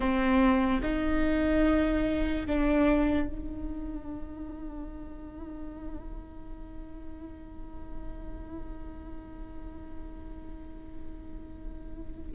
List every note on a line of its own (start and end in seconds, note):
0.00 0.81 C4
0.82 2.46 D#4
2.46 3.27 D4
3.27 12.31 D#4